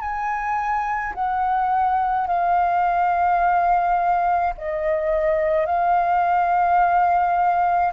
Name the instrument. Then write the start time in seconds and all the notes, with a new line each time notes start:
flute
0.00 G#5
1.14 F#5
2.27 F5
4.57 D#5
5.66 F5